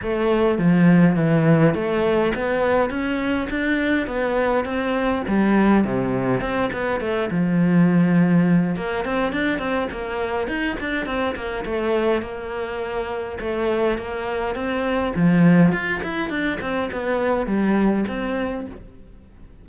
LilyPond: \new Staff \with { instrumentName = "cello" } { \time 4/4 \tempo 4 = 103 a4 f4 e4 a4 | b4 cis'4 d'4 b4 | c'4 g4 c4 c'8 b8 | a8 f2~ f8 ais8 c'8 |
d'8 c'8 ais4 dis'8 d'8 c'8 ais8 | a4 ais2 a4 | ais4 c'4 f4 f'8 e'8 | d'8 c'8 b4 g4 c'4 | }